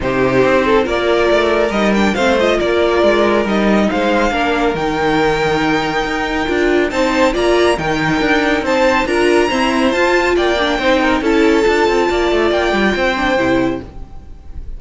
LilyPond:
<<
  \new Staff \with { instrumentName = "violin" } { \time 4/4 \tempo 4 = 139 c''2 d''2 | dis''8 g''8 f''8 dis''8 d''2 | dis''4 f''2 g''4~ | g''1 |
a''4 ais''4 g''2 | a''4 ais''2 a''4 | g''2 a''2~ | a''4 g''2. | }
  \new Staff \with { instrumentName = "violin" } { \time 4/4 g'4. a'8 ais'2~ | ais'4 c''4 ais'2~ | ais'4 c''4 ais'2~ | ais'1 |
c''4 d''4 ais'2 | c''4 ais'4 c''2 | d''4 c''8 ais'8 a'2 | d''2 c''2 | }
  \new Staff \with { instrumentName = "viola" } { \time 4/4 dis'2 f'2 | dis'8 d'8 c'8 f'2~ f'8 | dis'2 d'4 dis'4~ | dis'2. f'4 |
dis'4 f'4 dis'2~ | dis'4 f'4 c'4 f'4~ | f'8 d'8 dis'4 e'4 f'4~ | f'2~ f'8 d'8 e'4 | }
  \new Staff \with { instrumentName = "cello" } { \time 4/4 c4 c'4 ais4 a4 | g4 a4 ais4 gis4 | g4 gis4 ais4 dis4~ | dis2 dis'4 d'4 |
c'4 ais4 dis4 d'4 | c'4 d'4 e'4 f'4 | ais4 c'4 cis'4 d'8 c'8 | ais8 a8 ais8 g8 c'4 c4 | }
>>